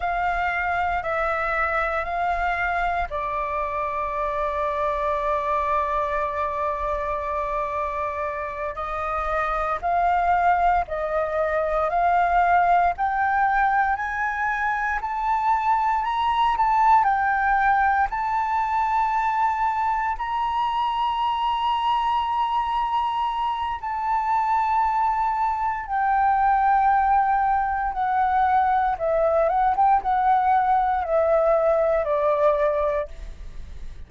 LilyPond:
\new Staff \with { instrumentName = "flute" } { \time 4/4 \tempo 4 = 58 f''4 e''4 f''4 d''4~ | d''1~ | d''8 dis''4 f''4 dis''4 f''8~ | f''8 g''4 gis''4 a''4 ais''8 |
a''8 g''4 a''2 ais''8~ | ais''2. a''4~ | a''4 g''2 fis''4 | e''8 fis''16 g''16 fis''4 e''4 d''4 | }